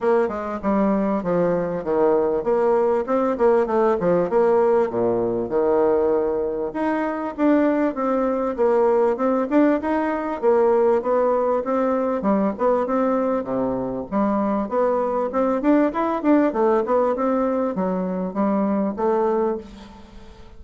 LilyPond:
\new Staff \with { instrumentName = "bassoon" } { \time 4/4 \tempo 4 = 98 ais8 gis8 g4 f4 dis4 | ais4 c'8 ais8 a8 f8 ais4 | ais,4 dis2 dis'4 | d'4 c'4 ais4 c'8 d'8 |
dis'4 ais4 b4 c'4 | g8 b8 c'4 c4 g4 | b4 c'8 d'8 e'8 d'8 a8 b8 | c'4 fis4 g4 a4 | }